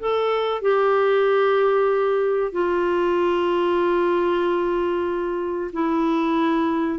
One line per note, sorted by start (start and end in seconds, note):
0.00 0.62 A4
0.62 2.52 G4
2.52 5.72 F4
5.73 7.00 E4